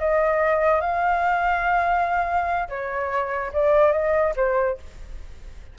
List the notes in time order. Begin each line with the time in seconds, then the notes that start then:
0.00 D#5
0.81 F5
2.69 C#5
3.53 D5
3.92 D#5
4.36 C5